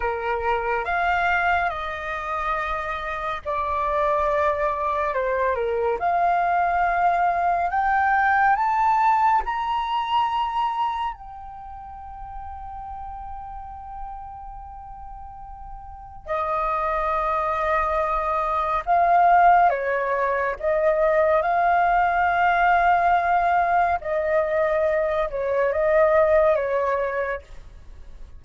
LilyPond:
\new Staff \with { instrumentName = "flute" } { \time 4/4 \tempo 4 = 70 ais'4 f''4 dis''2 | d''2 c''8 ais'8 f''4~ | f''4 g''4 a''4 ais''4~ | ais''4 g''2.~ |
g''2. dis''4~ | dis''2 f''4 cis''4 | dis''4 f''2. | dis''4. cis''8 dis''4 cis''4 | }